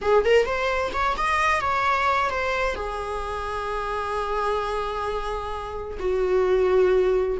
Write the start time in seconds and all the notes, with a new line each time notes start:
0.01 G#4
0.24 A#4
0.45 C5
0.93 C#5
1.17 D#5
1.60 C#5
2.30 C5
2.75 G#4
5.99 F#4